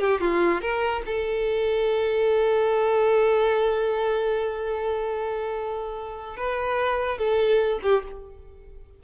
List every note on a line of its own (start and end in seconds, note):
0.00 0.20 G4
0.20 0.61 F4
0.61 1.02 A#4
1.06 6.37 A4
6.37 7.18 B4
7.18 7.80 A4
7.83 8.03 G4